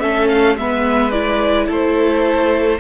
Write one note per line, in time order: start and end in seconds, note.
0.00 0.57 A3
0.00 0.57 C#4
0.00 0.57 A4
0.00 0.28 E5
0.29 0.57 F5
0.57 1.68 G#3
0.57 1.12 B3
0.57 1.67 B4
0.57 1.12 E5
1.12 2.79 E4
1.12 1.67 D5
1.67 2.80 A3
1.67 2.78 A4
1.67 2.80 C5